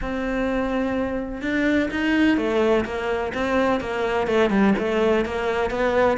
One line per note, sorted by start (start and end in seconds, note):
0.01 1.41 C4
1.41 1.89 D4
1.90 2.37 D#4
2.37 2.84 A3
2.85 3.32 A#3
3.34 3.80 C4
3.80 4.27 A#3
4.27 4.50 A3
4.50 4.73 G3
4.78 5.25 A3
5.25 5.70 A#3
5.70 6.17 B3